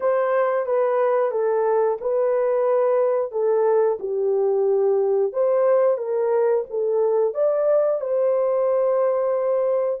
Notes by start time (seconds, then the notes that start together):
0.00 C5
0.65 B4
1.31 A4
2.00 B4
3.31 A4
3.99 G4
5.32 C5
5.97 A#4
6.70 A4
7.34 D5
8.00 C5